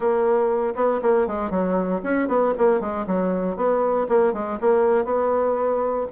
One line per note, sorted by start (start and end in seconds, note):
0.00 0.73 A#3
0.75 1.00 B3
1.02 1.27 A#3
1.27 1.50 G#3
1.50 2.01 F#3
2.03 2.28 C#4
2.28 2.53 B3
2.57 2.80 A#3
2.80 3.05 G#3
3.06 3.56 F#3
3.56 4.07 B3
4.09 4.33 A#3
4.33 4.58 G#3
4.61 5.05 A#3
5.05 6.06 B3